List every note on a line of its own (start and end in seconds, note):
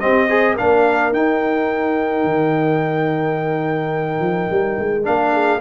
0.00 0.29 C4
0.00 0.60 C4
0.00 0.29 G4
0.00 0.56 D#5
0.29 0.57 G#4
0.29 0.54 C5
0.54 1.13 A#3
0.54 1.13 D4
0.54 5.31 A#4
0.54 1.14 F5
1.13 5.04 D#4
1.13 2.25 D#4
1.13 5.06 G5
2.25 4.20 D#3
4.20 4.48 F3
4.51 4.79 G3
4.79 5.07 G#3
5.04 5.61 A#3
5.04 5.60 D4
5.04 5.61 F5
5.33 5.61 G#4